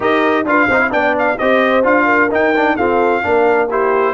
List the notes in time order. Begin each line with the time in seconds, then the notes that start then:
0.00 D#4 G4 A#4 D#5
0.44 D4 F4 B4 F5
0.68 C4 D#4 C5
0.80 E4
0.90 B3 D4 D5 G5
1.18 F5
1.38 C4 G4 C5 D#5
1.83 D4 F4 F5
2.04 A#4
2.31 D#4 G5
2.56 D4
2.76 C4 F4 A4 F5
3.22 A#3 D4 A#4
3.69 E4 G4 C5